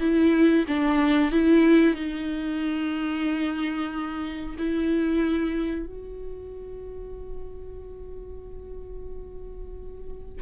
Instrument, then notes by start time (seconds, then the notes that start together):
viola
0.00 E4
0.67 D4
1.32 E4
1.95 D#4
4.58 E4
5.86 F#4